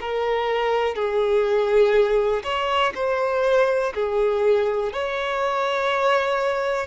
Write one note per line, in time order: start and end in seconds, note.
0.00 0.95 A#4
0.95 2.42 G#4
2.43 2.92 C#5
2.95 3.93 C5
3.94 4.92 G#4
4.92 6.86 C#5